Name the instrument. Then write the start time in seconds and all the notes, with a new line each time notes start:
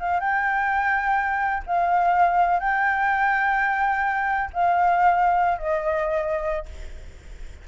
flute
0.00 F5
0.21 G5
1.67 F5
2.60 G5
4.54 F5
5.59 D#5